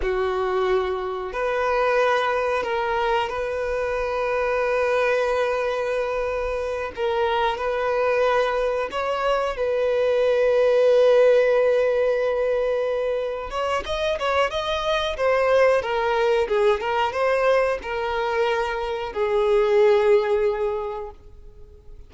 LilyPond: \new Staff \with { instrumentName = "violin" } { \time 4/4 \tempo 4 = 91 fis'2 b'2 | ais'4 b'2.~ | b'2~ b'8 ais'4 b'8~ | b'4. cis''4 b'4.~ |
b'1~ | b'8 cis''8 dis''8 cis''8 dis''4 c''4 | ais'4 gis'8 ais'8 c''4 ais'4~ | ais'4 gis'2. | }